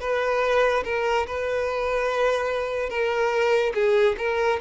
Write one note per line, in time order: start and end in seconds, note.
0.00 0.83 B4
0.84 1.26 A#4
1.26 2.89 B4
2.89 3.73 A#4
3.74 4.16 G#4
4.17 4.59 A#4